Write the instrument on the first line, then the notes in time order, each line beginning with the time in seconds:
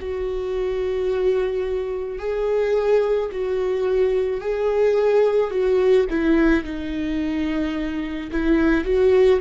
viola
0.00 F#4
2.19 G#4
3.32 F#4
4.41 G#4
5.51 F#4
6.10 E4
6.64 D#4
8.31 E4
8.85 F#4